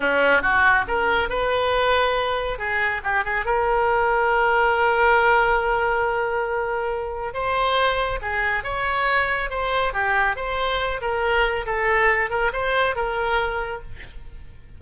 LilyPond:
\new Staff \with { instrumentName = "oboe" } { \time 4/4 \tempo 4 = 139 cis'4 fis'4 ais'4 b'4~ | b'2 gis'4 g'8 gis'8 | ais'1~ | ais'1~ |
ais'4 c''2 gis'4 | cis''2 c''4 g'4 | c''4. ais'4. a'4~ | a'8 ais'8 c''4 ais'2 | }